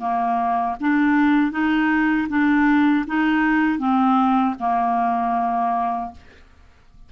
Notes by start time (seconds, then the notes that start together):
0.00 A#3
0.80 D4
1.52 D#4
2.30 D4
3.07 D#4
3.79 C4
4.60 A#3